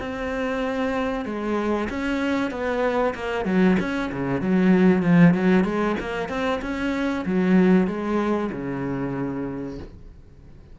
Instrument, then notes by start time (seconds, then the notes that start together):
cello
0.00 C4
1.25 G#3
1.90 C#4
2.51 B3
3.15 A#3
3.45 F#3
3.80 C#4
4.12 C#3
4.41 F#3
5.03 F3
5.34 F#3
5.65 G#3
6.00 A#3
6.29 C4
6.62 C#4
7.26 F#3
7.87 G#3
8.52 C#3